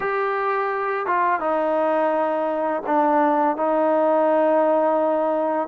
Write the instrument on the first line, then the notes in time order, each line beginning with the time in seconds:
trombone
0.00 G4
1.06 F4
1.40 D#4
2.86 D4
3.56 D#4